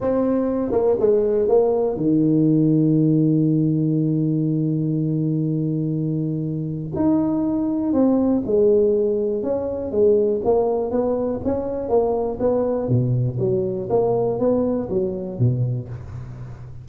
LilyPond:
\new Staff \with { instrumentName = "tuba" } { \time 4/4 \tempo 4 = 121 c'4. ais8 gis4 ais4 | dis1~ | dis1~ | dis2 dis'2 |
c'4 gis2 cis'4 | gis4 ais4 b4 cis'4 | ais4 b4 b,4 fis4 | ais4 b4 fis4 b,4 | }